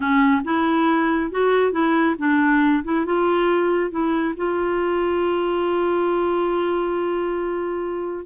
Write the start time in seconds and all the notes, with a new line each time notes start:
0.00 C#4
0.44 E4
1.31 F#4
1.72 E4
2.18 D4
2.84 E4
3.05 F4
3.90 E4
4.36 F4